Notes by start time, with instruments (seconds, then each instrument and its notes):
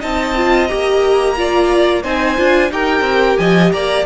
0.00 cello C4, viola D#4, violin D#5 A5
0.36 viola F4
0.68 cello A#3, viola G4, violin A#5
1.36 viola F4, violin D5
2.03 cello C4, viola D#4, violin C5 G#5
2.37 cello D4, viola F4
2.71 cello D#4, viola G4, violin A#4 G5
3.01 cello C4
3.38 cello F3, violin D#5 G#5
3.72 cello A#3, violin D5 A#5